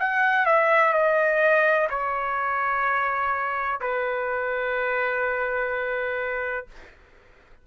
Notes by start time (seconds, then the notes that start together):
0.00 F#5
0.46 E5
0.94 D#5
1.90 C#5
3.81 B4